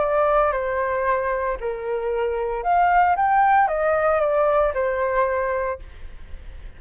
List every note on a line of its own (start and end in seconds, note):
0.00 0.53 D5
0.53 1.58 C5
1.61 2.64 A#4
2.64 3.17 F5
3.17 3.68 G5
3.68 4.21 D#5
4.21 4.73 D5
4.75 5.80 C5